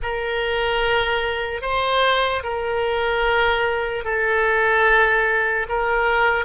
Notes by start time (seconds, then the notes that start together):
0.02 A#4
1.61 C5
2.43 A#4
4.04 A4
5.68 A#4